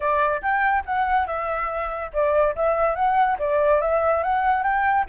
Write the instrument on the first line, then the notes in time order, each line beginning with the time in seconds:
flute
0.00 D5
0.41 G5
0.85 F#5
1.26 E5
2.13 D5
2.55 E5
2.95 F#5
3.38 D5
3.81 E5
4.23 F#5
4.63 G5